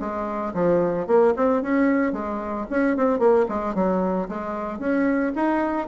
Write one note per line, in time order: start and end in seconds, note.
0.00 0.54 G#3
0.54 1.07 F3
1.07 1.34 A#3
1.37 1.62 C4
1.62 2.13 C#4
2.13 2.67 G#3
2.70 2.97 C#4
2.97 3.19 C4
3.19 3.46 A#3
3.49 3.75 G#3
3.75 4.28 F#3
4.29 4.79 G#3
4.79 5.33 C#4
5.36 5.88 D#4